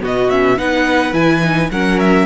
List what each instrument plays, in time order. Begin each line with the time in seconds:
0.00 cello B2, viola B3, violin F#4 D#5
0.30 viola C#4, violin E5
0.58 cello B3, viola D#4, violin B4 F#5
1.13 cello E3, viola E4, violin G#5
1.42 viola D#4
1.71 cello F#3, viola C#4, violin A#4 F#5
2.00 violin E5